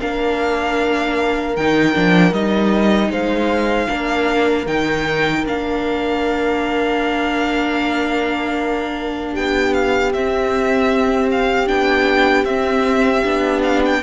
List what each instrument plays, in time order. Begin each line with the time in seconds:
0.00 cello A#3, viola D4, horn A#4, violin F5
1.56 cello D#3, viola D#4, violin G5
1.94 cello F3, viola D4
2.32 cello G3, viola D#4, violin D#5
3.10 cello G#3, horn C5, violin F5
3.87 cello A#3, viola D4, horn A#4
4.67 cello D#3, viola D#4, violin G5
5.46 cello A#3, viola D4, violin F5
9.33 cello B3, horn G4, violin G5
9.74 violin F5
10.13 cello C4, viola C4, violin E5
11.31 violin F5
11.67 cello B3, viola D4, violin G5
12.45 cello C4, viola C4, violin E5
13.25 cello B3, viola D4
13.63 violin F5
13.85 violin G5